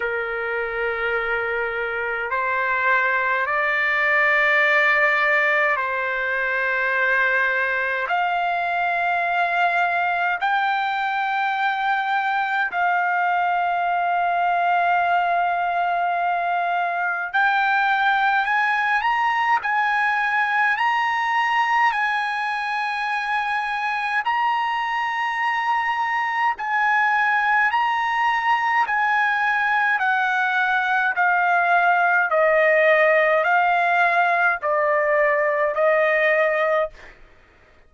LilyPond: \new Staff \with { instrumentName = "trumpet" } { \time 4/4 \tempo 4 = 52 ais'2 c''4 d''4~ | d''4 c''2 f''4~ | f''4 g''2 f''4~ | f''2. g''4 |
gis''8 ais''8 gis''4 ais''4 gis''4~ | gis''4 ais''2 gis''4 | ais''4 gis''4 fis''4 f''4 | dis''4 f''4 d''4 dis''4 | }